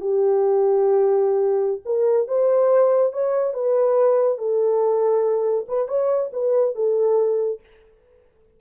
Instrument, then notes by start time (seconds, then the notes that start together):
horn
0.00 G4
1.85 A#4
2.27 C5
3.12 C#5
3.53 B4
4.38 A4
5.68 B4
5.88 C#5
6.32 B4
6.75 A4